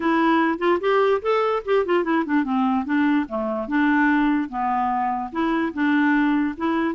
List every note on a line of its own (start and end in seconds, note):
0.00 0.58 E4
0.58 0.78 F4
0.80 1.21 G4
1.21 1.62 A4
1.65 1.85 G4
1.85 2.03 F4
2.03 2.24 E4
2.25 2.44 D4
2.44 2.85 C4
2.85 3.26 D4
3.28 3.67 A3
3.67 4.49 D4
4.49 5.31 B3
5.32 5.72 E4
5.73 6.55 D4
6.57 6.95 E4